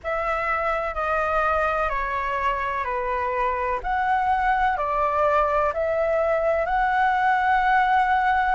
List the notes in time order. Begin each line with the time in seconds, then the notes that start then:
0.03 E5
0.94 D#5
1.89 C#5
2.84 B4
3.83 F#5
4.77 D5
5.73 E5
6.65 F#5